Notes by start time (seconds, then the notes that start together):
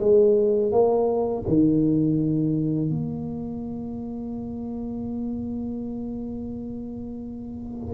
0.00 G#3
0.72 A#3
1.48 D#3
2.90 A#3